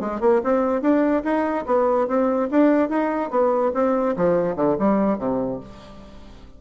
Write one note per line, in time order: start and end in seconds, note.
0.00 0.20 G#3
0.20 0.41 A#3
0.43 0.81 C4
0.81 1.23 D4
1.23 1.65 D#4
1.66 2.07 B3
2.07 2.49 C4
2.51 2.89 D4
2.89 3.30 D#4
3.30 3.72 B3
3.74 4.16 C4
4.16 4.56 F3
4.56 4.77 D3
4.79 5.18 G3
5.18 5.60 C3